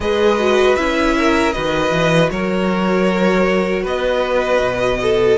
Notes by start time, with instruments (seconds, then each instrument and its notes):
0.00 cello G#3, viola G#4, violin B4 D#5
0.38 viola F#4
0.75 cello C#4, viola E4, violin E5
1.18 violin A#4
1.52 cello D#3, viola F#4, violin B4 D#5
1.91 cello E3
2.30 cello F#3, violin A#4 C#5
3.83 cello B3, violin B4 D#5
4.59 cello B2
5.02 violin A4